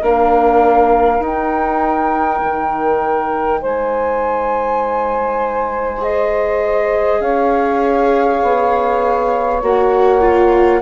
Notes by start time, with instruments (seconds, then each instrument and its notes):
0.00 bassoon A#3, viola D4, saxophone A#4, flute F5
1.19 bassoon D#4, viola D#4
1.26 flute G5
2.42 bassoon D#3
3.60 bassoon G#3, saxophone C5, flute G#5
5.98 viola G#4, flute D#5
7.20 bassoon C#4, saxophone C#5, flute F5
8.42 bassoon B3
9.62 bassoon A#3, viola F#4, flute F#5
10.21 viola F4